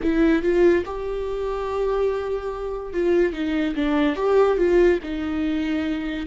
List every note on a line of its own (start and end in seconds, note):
0.02 0.42 E4
0.42 0.84 F4
0.85 2.93 G4
2.93 3.33 F4
3.33 3.74 D#4
3.75 4.16 D4
4.16 4.57 G4
4.57 4.99 F4
5.03 6.26 D#4